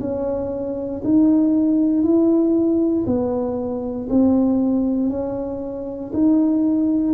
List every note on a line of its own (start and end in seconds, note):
0.00 1.02 C#4
1.04 2.03 D#4
2.03 3.05 E4
3.06 4.08 B3
4.10 5.09 C4
5.09 6.11 C#4
6.13 7.14 D#4